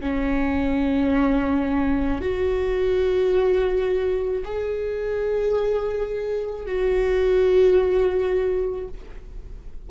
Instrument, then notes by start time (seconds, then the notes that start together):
viola
0.00 C#4
2.21 F#4
4.44 G#4
6.66 F#4